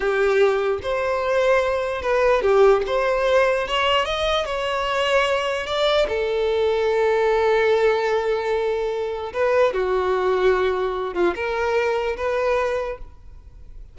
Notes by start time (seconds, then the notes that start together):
0.00 G4
0.82 C5
2.02 B4
2.42 G4
2.86 C5
3.67 C#5
4.05 D#5
4.45 C#5
5.66 D5
6.08 A4
9.33 B4
9.73 F#4
11.14 F4
11.35 A#4
12.17 B4